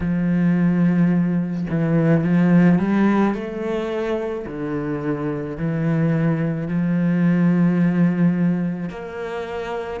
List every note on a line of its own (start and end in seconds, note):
0.00 1.67 F3
1.69 2.24 E3
2.24 2.78 F3
2.78 3.34 G3
3.34 4.45 A3
4.46 5.57 D3
5.57 6.68 E3
6.68 8.89 F3
8.89 10.00 A#3